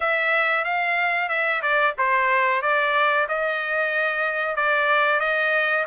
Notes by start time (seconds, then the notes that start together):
0.00 E5
0.64 F5
1.28 E5
1.61 D5
1.97 C5
2.61 D5
3.28 D#5
4.56 D5
5.20 D#5